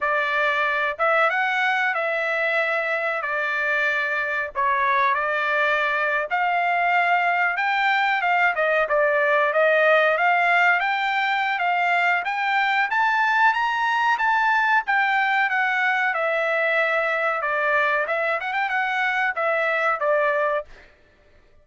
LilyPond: \new Staff \with { instrumentName = "trumpet" } { \time 4/4 \tempo 4 = 93 d''4. e''8 fis''4 e''4~ | e''4 d''2 cis''4 | d''4.~ d''16 f''2 g''16~ | g''8. f''8 dis''8 d''4 dis''4 f''16~ |
f''8. g''4~ g''16 f''4 g''4 | a''4 ais''4 a''4 g''4 | fis''4 e''2 d''4 | e''8 fis''16 g''16 fis''4 e''4 d''4 | }